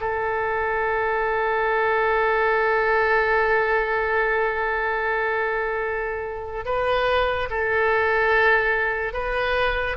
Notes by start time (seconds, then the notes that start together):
0.00 A4
6.65 B4
7.50 A4
9.13 B4